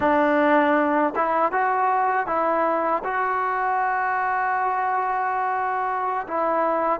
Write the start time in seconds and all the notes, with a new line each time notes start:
0.00 D4
1.15 E4
1.52 F#4
2.26 E4
3.03 F#4
6.27 E4